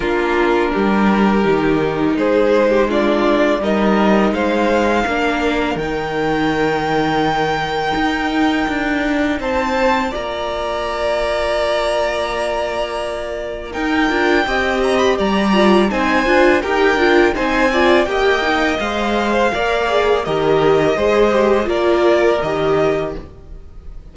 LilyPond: <<
  \new Staff \with { instrumentName = "violin" } { \time 4/4 \tempo 4 = 83 ais'2. c''4 | d''4 dis''4 f''2 | g''1~ | g''4 a''4 ais''2~ |
ais''2. g''4~ | g''8 ais''16 b''16 ais''4 gis''4 g''4 | gis''4 g''4 f''2 | dis''2 d''4 dis''4 | }
  \new Staff \with { instrumentName = "violin" } { \time 4/4 f'4 g'2 gis'8. g'16 | f'4 ais'4 c''4 ais'4~ | ais'1~ | ais'4 c''4 d''2~ |
d''2. ais'4 | dis''4 d''4 c''4 ais'4 | c''8 d''8 dis''4.~ dis''16 c''16 d''4 | ais'4 c''4 ais'2 | }
  \new Staff \with { instrumentName = "viola" } { \time 4/4 d'2 dis'2 | d'4 dis'2 d'4 | dis'1~ | dis'2 f'2~ |
f'2. dis'8 f'8 | g'4. f'8 dis'8 f'8 g'8 f'8 | dis'8 f'8 g'8 dis'8 c''4 ais'8 gis'8 | g'4 gis'8 g'8 f'4 g'4 | }
  \new Staff \with { instrumentName = "cello" } { \time 4/4 ais4 g4 dis4 gis4~ | gis4 g4 gis4 ais4 | dis2. dis'4 | d'4 c'4 ais2~ |
ais2. dis'8 d'8 | c'4 g4 c'8 d'8 dis'8 d'8 | c'4 ais4 gis4 ais4 | dis4 gis4 ais4 dis4 | }
>>